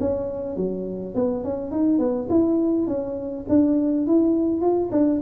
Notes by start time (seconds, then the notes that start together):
0.00 C#4
0.56 F#3
1.15 B3
1.44 C#4
1.71 D#4
1.99 B3
2.29 E4
2.87 C#4
3.49 D4
4.07 E4
4.61 F4
4.92 D4